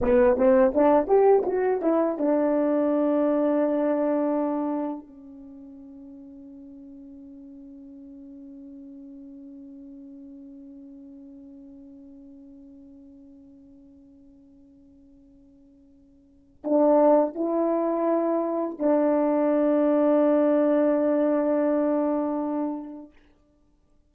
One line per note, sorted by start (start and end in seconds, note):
0.01 0.36 B3
0.36 0.72 C4
0.74 1.07 D4
1.07 1.43 G4
1.45 1.81 F#4
1.81 2.18 E4
2.18 5.06 D4
5.06 16.63 C#4
16.64 17.34 D4
17.34 18.78 E4
18.78 23.12 D4